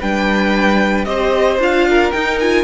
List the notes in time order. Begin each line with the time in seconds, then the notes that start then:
0.00 G3 D4 B4 G5
1.05 C4 G4 C5 D#5
1.59 D4 F4 F5
1.89 A#4
2.12 D#4 G5
2.39 F4 G#5